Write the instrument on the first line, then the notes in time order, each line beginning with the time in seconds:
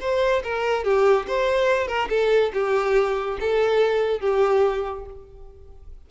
violin
0.00 C5
0.43 A#4
0.84 G4
1.27 C5
1.87 A#4
2.09 A4
2.53 G4
3.40 A4
4.20 G4